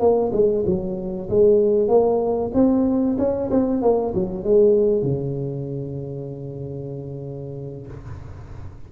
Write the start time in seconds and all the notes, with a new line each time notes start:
0.00 A#3
0.33 G#3
0.66 F#3
1.29 G#3
1.88 A#3
2.54 C4
3.18 C#4
3.51 C4
3.82 A#3
4.14 F#3
4.44 G#3
5.03 C#3